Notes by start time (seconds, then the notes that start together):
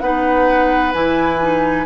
0.00 B3 D#4 B4 F#5
0.93 E3 E4 G#5
1.41 D#4